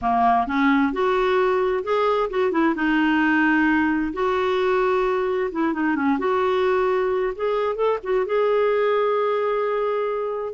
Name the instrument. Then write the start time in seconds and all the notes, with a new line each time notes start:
clarinet
0.01 A#3
0.47 C#4
0.92 F#4
1.83 G#4
2.30 F#4
2.51 E4
2.75 D#4
4.13 F#4
5.51 E4
5.73 D#4
5.95 C#4
6.18 F#4
7.35 G#4
7.75 A4
8.03 F#4
8.25 G#4